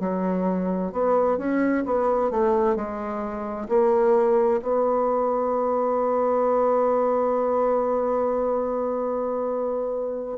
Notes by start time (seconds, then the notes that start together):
0.00 F#3
0.92 B3
1.38 C#4
1.85 B3
2.31 A3
2.76 G#3
3.69 A#3
4.62 B3